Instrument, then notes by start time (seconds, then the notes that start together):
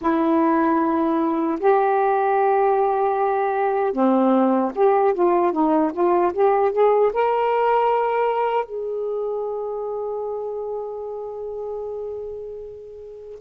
saxophone
0.01 E4
1.59 G4
3.93 C4
4.75 G4
5.14 F4
5.52 D#4
5.92 F4
6.33 G4
6.72 G#4
7.13 A#4
8.65 G#4